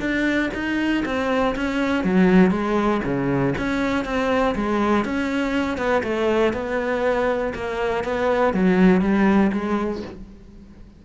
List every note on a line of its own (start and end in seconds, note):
0.00 0.50 D4
0.54 1.04 D#4
1.05 1.55 C4
1.56 2.04 C#4
2.04 2.51 F#3
2.51 3.01 G#3
3.05 3.55 C#3
3.58 4.05 C#4
4.05 4.55 C4
4.55 5.05 G#3
5.05 5.78 C#4
5.78 6.03 B3
6.03 6.53 A3
6.53 7.53 B3
7.55 8.04 A#3
8.04 8.54 B3
8.54 9.02 F#3
9.02 9.52 G3
9.52 10.02 G#3